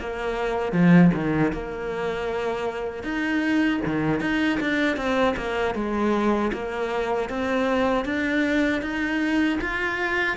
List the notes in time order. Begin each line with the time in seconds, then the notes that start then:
0.00 A#3
0.72 F3
1.14 D#3
1.52 A#3
3.03 D#4
3.86 D#3
4.21 D#4
4.60 D4
4.97 C4
5.37 A#3
5.74 G#3
6.53 A#3
7.29 C4
8.05 D4
8.82 D#4
9.61 F4